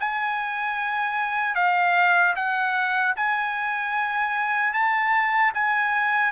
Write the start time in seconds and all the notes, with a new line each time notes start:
0.00 G#5
1.55 F5
2.36 F#5
3.17 G#5
4.74 A5
5.54 G#5